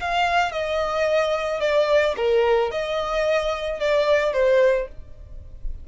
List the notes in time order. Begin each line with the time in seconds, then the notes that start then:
0.00 F5
0.52 D#5
1.60 D5
2.16 A#4
2.71 D#5
3.80 D5
4.33 C5